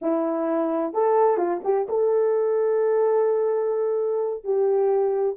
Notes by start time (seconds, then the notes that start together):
0.01 E4
0.93 A4
1.37 F4
1.64 G4
1.88 A4
4.44 G4